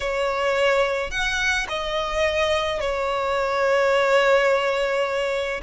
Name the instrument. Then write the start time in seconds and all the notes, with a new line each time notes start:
violin
0.00 C#5
1.11 F#5
1.68 D#5
2.80 C#5